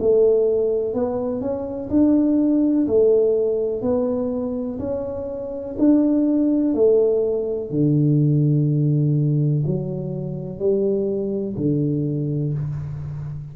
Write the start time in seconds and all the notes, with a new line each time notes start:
0.00 A3
0.94 B3
1.41 C#4
1.90 D4
2.87 A3
3.82 B3
4.79 C#4
5.79 D4
6.74 A3
7.71 D3
9.67 F#3
10.59 G3
11.57 D3